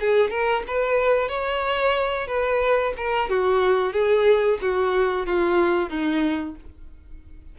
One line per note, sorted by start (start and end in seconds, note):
0.00 0.30 G#4
0.30 0.63 A#4
0.67 1.29 B4
1.29 2.27 C#5
2.27 2.93 B4
2.97 3.29 A#4
3.29 3.93 F#4
3.93 4.59 G#4
4.61 5.26 F#4
5.26 5.89 F4
5.89 6.55 D#4